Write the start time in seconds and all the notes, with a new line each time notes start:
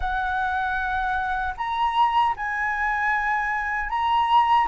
0.00 F#5
1.57 A#5
2.36 G#5
3.89 A#5